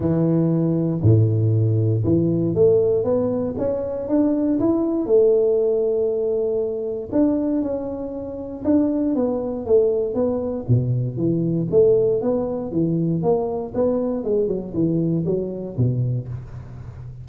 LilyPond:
\new Staff \with { instrumentName = "tuba" } { \time 4/4 \tempo 4 = 118 e2 a,2 | e4 a4 b4 cis'4 | d'4 e'4 a2~ | a2 d'4 cis'4~ |
cis'4 d'4 b4 a4 | b4 b,4 e4 a4 | b4 e4 ais4 b4 | gis8 fis8 e4 fis4 b,4 | }